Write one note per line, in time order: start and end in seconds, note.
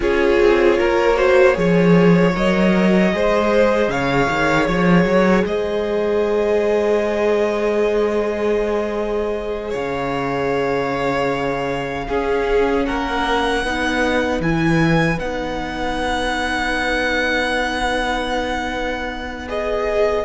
0.00 0.38 C#4
0.00 1.15 F4
0.00 0.78 G#4
0.00 2.36 C#5
0.40 0.79 C4
0.78 1.57 A#3
0.78 1.16 A#4
1.15 1.54 F#4
1.15 1.55 C5
1.54 2.35 F3
1.54 2.31 G#4
1.54 3.14 C#5
2.34 3.13 F#3
2.34 3.12 A#4
2.34 3.90 D#5
3.12 3.88 G#3
3.12 12.08 G#4
3.12 3.91 C5
3.88 4.27 C#3
3.88 5.46 C#5
3.88 4.66 F5
4.29 4.68 D#3
4.66 5.04 F3
4.66 5.44 C#5
5.04 5.43 F#3
5.44 9.73 G#3
5.44 9.70 C5
5.44 9.74 D#5
9.70 12.08 C#3
9.70 12.04 C#5
9.70 12.85 F5
12.08 12.87 C#4
12.08 13.64 C#4
12.08 12.86 G#4
12.85 13.64 A#3
12.85 13.63 A#4
12.85 14.41 F#5
13.63 14.40 B3
13.63 14.42 D#4
13.63 20.24 B4
14.40 15.18 E3
14.40 15.19 E4
14.40 15.19 G#5
15.19 20.24 B3
15.19 19.47 D#4
15.19 19.48 F#5
19.47 20.24 G#4
19.47 20.24 D#5